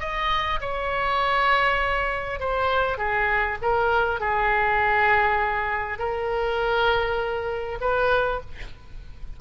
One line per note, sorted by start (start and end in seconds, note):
0.00 0.60 D#5
0.61 2.40 C#5
2.40 2.98 C5
2.98 3.58 G#4
3.62 4.21 A#4
4.21 5.99 G#4
5.99 7.79 A#4
7.81 8.41 B4